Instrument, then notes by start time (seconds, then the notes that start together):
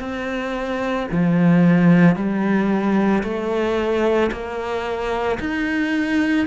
cello
0.00 C4
1.12 F3
2.16 G3
3.24 A3
4.31 A#3
5.40 D#4